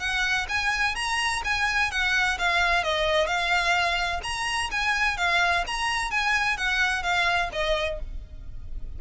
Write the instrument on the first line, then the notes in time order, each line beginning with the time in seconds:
violin
0.00 F#5
0.49 G#5
0.95 A#5
1.45 G#5
1.92 F#5
2.39 F5
2.84 D#5
3.27 F5
4.24 A#5
4.72 G#5
5.18 F5
5.67 A#5
6.11 G#5
6.58 F#5
7.03 F5
7.53 D#5